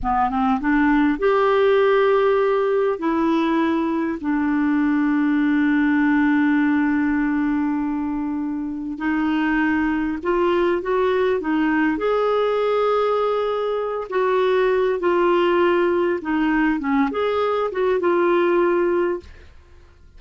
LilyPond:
\new Staff \with { instrumentName = "clarinet" } { \time 4/4 \tempo 4 = 100 b8 c'8 d'4 g'2~ | g'4 e'2 d'4~ | d'1~ | d'2. dis'4~ |
dis'4 f'4 fis'4 dis'4 | gis'2.~ gis'8 fis'8~ | fis'4 f'2 dis'4 | cis'8 gis'4 fis'8 f'2 | }